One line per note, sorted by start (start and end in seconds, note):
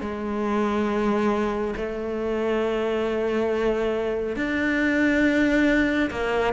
0.00 1.74 G#3
1.75 4.36 A3
4.36 6.10 D4
6.10 6.53 A#3